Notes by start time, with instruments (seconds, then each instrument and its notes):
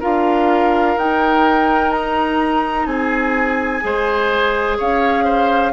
0.00 bassoon D4, clarinet F4, oboe A#4, flute F5
0.96 bassoon D#4, clarinet D#4, flute G5
1.91 flute A#5
2.86 bassoon C4, oboe G#4, flute G#5
3.81 bassoon G#3, clarinet G#4, oboe C5
4.78 bassoon C#4, oboe C#5, flute F5
5.24 oboe C5